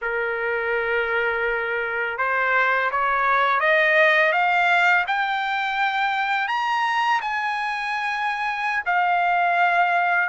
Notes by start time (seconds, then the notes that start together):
0.01 A#4
2.18 C5
2.91 C#5
3.59 D#5
4.32 F5
5.07 G5
6.48 A#5
7.21 G#5
8.85 F5